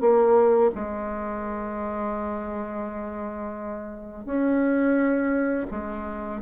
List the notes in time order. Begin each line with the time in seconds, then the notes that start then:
0.00 A#3
0.74 G#3
4.25 C#4
5.70 G#3